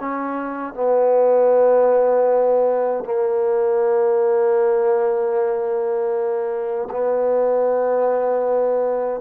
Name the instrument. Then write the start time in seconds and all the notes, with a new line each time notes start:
trombone
0.00 C#4
0.74 B3
3.05 A#3
6.91 B3